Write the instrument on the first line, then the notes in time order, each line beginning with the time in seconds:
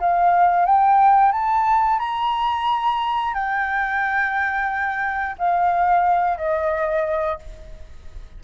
flute
0.00 F5
0.66 G5
1.32 A5
2.00 A#5
3.34 G5
5.39 F5
6.38 D#5